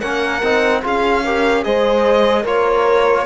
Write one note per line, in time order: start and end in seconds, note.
0.00 0.42 A#3
0.00 0.42 C#4
0.00 0.81 A#4
0.00 0.81 F#5
0.42 0.83 C4
0.42 0.83 D#4
0.83 1.65 C#4
0.83 1.23 F4
0.83 1.23 G#4
0.83 1.64 F5
1.24 1.63 G4
1.24 1.64 A#4
1.63 2.44 G#3
1.63 2.44 G#4
1.63 2.42 C5
1.63 2.45 D#5
2.42 3.25 A#3
2.42 3.26 F4
2.42 3.23 A#4
2.42 3.26 C#5